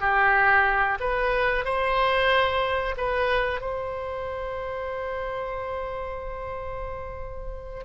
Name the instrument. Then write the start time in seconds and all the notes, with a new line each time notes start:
oboe
0.00 G4
1.00 B4
1.65 C5
2.97 B4
3.60 C5